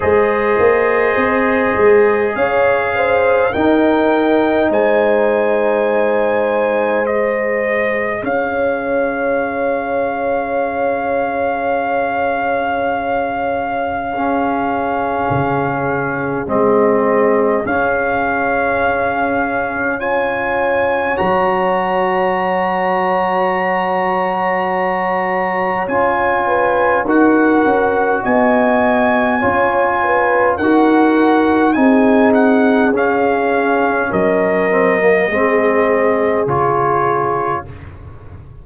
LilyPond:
<<
  \new Staff \with { instrumentName = "trumpet" } { \time 4/4 \tempo 4 = 51 dis''2 f''4 g''4 | gis''2 dis''4 f''4~ | f''1~ | f''2 dis''4 f''4~ |
f''4 gis''4 ais''2~ | ais''2 gis''4 fis''4 | gis''2 fis''4 gis''8 fis''8 | f''4 dis''2 cis''4 | }
  \new Staff \with { instrumentName = "horn" } { \time 4/4 c''2 cis''8 c''8 ais'4 | c''2. cis''4~ | cis''1 | gis'1~ |
gis'4 cis''2.~ | cis''2~ cis''8 b'8 ais'4 | dis''4 cis''8 b'8 ais'4 gis'4~ | gis'4 ais'4 gis'2 | }
  \new Staff \with { instrumentName = "trombone" } { \time 4/4 gis'2. dis'4~ | dis'2 gis'2~ | gis'1 | cis'2 c'4 cis'4~ |
cis'4 f'4 fis'2~ | fis'2 f'4 fis'4~ | fis'4 f'4 fis'4 dis'4 | cis'4. c'16 ais16 c'4 f'4 | }
  \new Staff \with { instrumentName = "tuba" } { \time 4/4 gis8 ais8 c'8 gis8 cis'4 dis'4 | gis2. cis'4~ | cis'1~ | cis'4 cis4 gis4 cis'4~ |
cis'2 fis2~ | fis2 cis'4 dis'8 cis'8 | b4 cis'4 dis'4 c'4 | cis'4 fis4 gis4 cis4 | }
>>